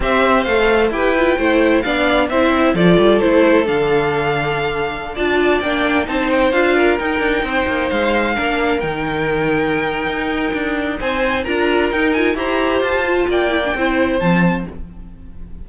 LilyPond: <<
  \new Staff \with { instrumentName = "violin" } { \time 4/4 \tempo 4 = 131 e''4 f''4 g''2 | f''4 e''4 d''4 c''4 | f''2.~ f''16 a''8.~ | a''16 g''4 a''8 g''8 f''4 g''8.~ |
g''4~ g''16 f''2 g''8.~ | g''1 | gis''4 ais''4 g''8 gis''8 ais''4 | a''4 g''2 a''4 | }
  \new Staff \with { instrumentName = "violin" } { \time 4/4 c''2 b'4 c''4 | d''4 c''4 a'2~ | a'2.~ a'16 d''8.~ | d''4~ d''16 c''4. ais'4~ ais'16~ |
ais'16 c''2 ais'4.~ ais'16~ | ais'1 | c''4 ais'2 c''4~ | c''4 d''4 c''2 | }
  \new Staff \with { instrumentName = "viola" } { \time 4/4 g'4 a'4 g'8 f'8 e'4 | d'4 e'4 f'4 e'4 | d'2.~ d'16 f'8.~ | f'16 d'4 dis'4 f'4 dis'8.~ |
dis'2~ dis'16 d'4 dis'8.~ | dis'1~ | dis'4 f'4 dis'8 f'8 g'4~ | g'8 f'4 e'16 d'16 e'4 c'4 | }
  \new Staff \with { instrumentName = "cello" } { \time 4/4 c'4 a4 e'4 a4 | b4 c'4 f8 g8 a4 | d2.~ d16 d'8.~ | d'16 ais4 c'4 d'4 dis'8 d'16~ |
d'16 c'8 ais8 gis4 ais4 dis8.~ | dis2 dis'4 d'4 | c'4 d'4 dis'4 e'4 | f'4 ais4 c'4 f4 | }
>>